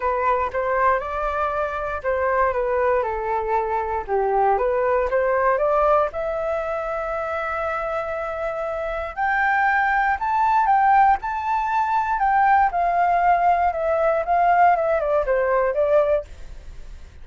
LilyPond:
\new Staff \with { instrumentName = "flute" } { \time 4/4 \tempo 4 = 118 b'4 c''4 d''2 | c''4 b'4 a'2 | g'4 b'4 c''4 d''4 | e''1~ |
e''2 g''2 | a''4 g''4 a''2 | g''4 f''2 e''4 | f''4 e''8 d''8 c''4 d''4 | }